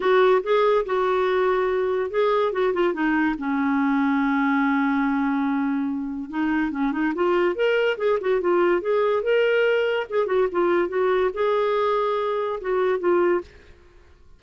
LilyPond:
\new Staff \with { instrumentName = "clarinet" } { \time 4/4 \tempo 4 = 143 fis'4 gis'4 fis'2~ | fis'4 gis'4 fis'8 f'8 dis'4 | cis'1~ | cis'2. dis'4 |
cis'8 dis'8 f'4 ais'4 gis'8 fis'8 | f'4 gis'4 ais'2 | gis'8 fis'8 f'4 fis'4 gis'4~ | gis'2 fis'4 f'4 | }